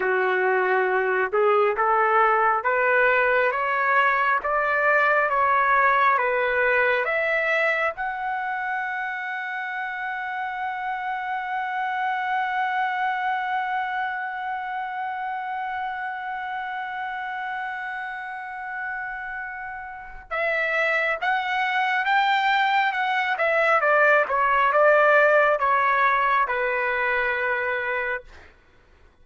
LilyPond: \new Staff \with { instrumentName = "trumpet" } { \time 4/4 \tempo 4 = 68 fis'4. gis'8 a'4 b'4 | cis''4 d''4 cis''4 b'4 | e''4 fis''2.~ | fis''1~ |
fis''1~ | fis''2. e''4 | fis''4 g''4 fis''8 e''8 d''8 cis''8 | d''4 cis''4 b'2 | }